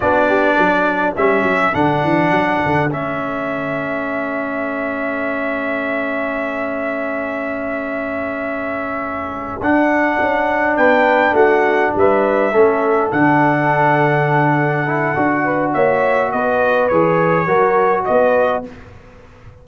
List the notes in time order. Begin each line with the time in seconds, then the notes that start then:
0.00 B3 D4 F#4 D5
0.28 G4
0.57 F#3 A4
1.16 G3 C#4 E5
1.42 F#3
1.73 D3 D4 F#5
2.03 E3
2.30 F#3
2.65 D3
2.91 A3 C#4 E5
9.60 D4 F#5
10.19 C#4
10.76 B3 B4 G5
11.32 A3 F#4 F#5
11.95 G3 B4 E5
12.52 A3 C#4 A4
13.11 D3 D4 F#5
14.86 E4
15.15 D4 F#4
15.44 B4
15.73 A#3 C#5 E5
16.31 B3 B4 D#5
16.87 E3 G#4 C#5
17.46 F#3 F#4 A#4
18.04 B3 B4 D#5